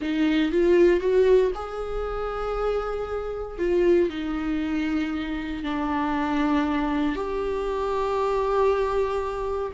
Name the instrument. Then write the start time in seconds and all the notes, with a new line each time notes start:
viola
0.01 D#4
0.51 F4
1.00 F#4
1.55 G#4
3.58 F4
4.09 D#4
5.63 D4
7.15 G4